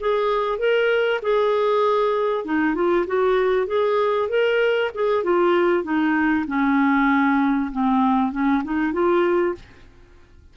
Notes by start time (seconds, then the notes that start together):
0.00 G#4
0.58 A#4
1.22 G#4
2.45 D#4
2.75 F4
3.07 F#4
3.67 G#4
4.29 A#4
4.94 G#4
5.24 F4
5.83 D#4
6.47 C#4
7.72 C4
8.32 C#4
8.64 D#4
8.93 F4